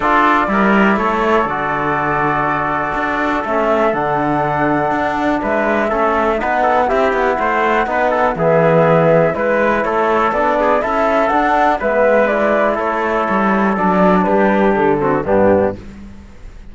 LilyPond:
<<
  \new Staff \with { instrumentName = "flute" } { \time 4/4 \tempo 4 = 122 d''2 cis''4 d''4~ | d''2. e''4 | fis''2. e''4~ | e''4 fis''4 e''8 fis''4.~ |
fis''4 e''2 b'4 | cis''4 d''4 e''4 fis''4 | e''4 d''4 cis''2 | d''4 b'4 a'4 g'4 | }
  \new Staff \with { instrumentName = "trumpet" } { \time 4/4 a'4 ais'4 a'2~ | a'1~ | a'2. b'4 | a'4 b'8 a'8 g'4 c''4 |
b'8 a'8 gis'2 b'4 | a'4. gis'8 a'2 | b'2 a'2~ | a'4 g'4. fis'8 d'4 | }
  \new Staff \with { instrumentName = "trombone" } { \time 4/4 f'4 e'2 fis'4~ | fis'2. cis'4 | d'1 | cis'4 dis'4 e'2 |
dis'4 b2 e'4~ | e'4 d'4 e'4 d'4 | b4 e'2. | d'2~ d'8 c'8 b4 | }
  \new Staff \with { instrumentName = "cello" } { \time 4/4 d'4 g4 a4 d4~ | d2 d'4 a4 | d2 d'4 gis4 | a4 b4 c'8 b8 a4 |
b4 e2 gis4 | a4 b4 cis'4 d'4 | gis2 a4 g4 | fis4 g4 d4 g,4 | }
>>